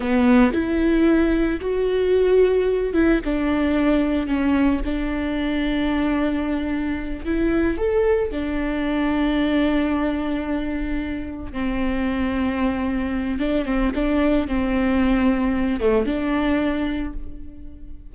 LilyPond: \new Staff \with { instrumentName = "viola" } { \time 4/4 \tempo 4 = 112 b4 e'2 fis'4~ | fis'4. e'8 d'2 | cis'4 d'2.~ | d'4. e'4 a'4 d'8~ |
d'1~ | d'4. c'2~ c'8~ | c'4 d'8 c'8 d'4 c'4~ | c'4. a8 d'2 | }